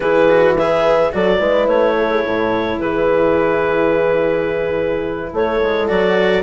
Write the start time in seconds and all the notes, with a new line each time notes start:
0.00 E3 E4 G#4 B4
0.28 F#4
0.56 G#4 B4 E5
1.12 F#3 F#4 A4 D5
1.38 G#3 E4 B4
1.67 A3 C#5
1.98 A4
2.11 G#4
2.24 A2 A4
2.79 E3 G#4 B4
5.32 A3 A4 C#5
5.61 G#3
5.88 F#3 F#4 D5